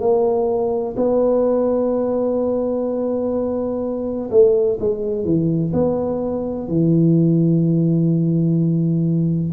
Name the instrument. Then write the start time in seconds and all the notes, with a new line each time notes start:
tuba
0.00 A#3
0.97 B3
4.31 A3
4.80 G#3
5.25 E3
5.73 B3
6.68 E3